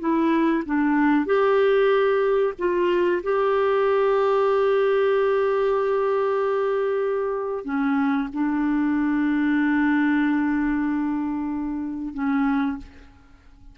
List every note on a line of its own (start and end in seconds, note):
0.00 0.64 E4
0.66 1.26 D4
1.26 2.54 G4
2.59 3.22 F4
3.23 7.65 G4
7.65 8.29 C#4
8.33 12.14 D4
12.14 12.78 C#4